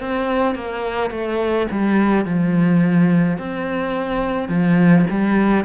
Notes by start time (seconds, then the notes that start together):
0.00 C4
0.55 A#3
1.10 A3
1.71 G3
2.25 F3
3.38 C4
4.48 F3
5.10 G3